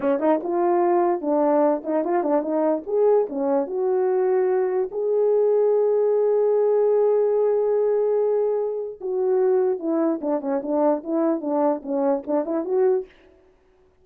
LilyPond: \new Staff \with { instrumentName = "horn" } { \time 4/4 \tempo 4 = 147 cis'8 dis'8 f'2 d'4~ | d'8 dis'8 f'8 d'8 dis'4 gis'4 | cis'4 fis'2. | gis'1~ |
gis'1~ | gis'2 fis'2 | e'4 d'8 cis'8 d'4 e'4 | d'4 cis'4 d'8 e'8 fis'4 | }